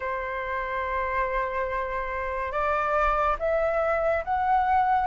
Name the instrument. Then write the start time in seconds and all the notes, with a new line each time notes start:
flute
0.00 C5
2.51 D5
3.39 E5
4.24 F#5